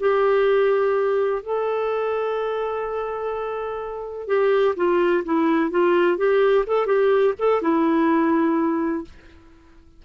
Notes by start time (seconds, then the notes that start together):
0.00 G4
1.42 A4
4.27 G4
4.76 F4
5.25 E4
5.71 F4
6.18 G4
6.66 A4
6.86 G4
7.39 A4
7.62 E4